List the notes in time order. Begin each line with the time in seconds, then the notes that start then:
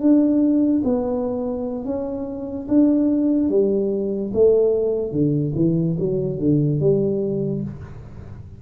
0.00 D4
0.84 B3
1.85 C#4
2.68 D4
3.49 G3
4.34 A3
5.12 D3
5.56 E3
5.99 F#3
6.39 D3
6.80 G3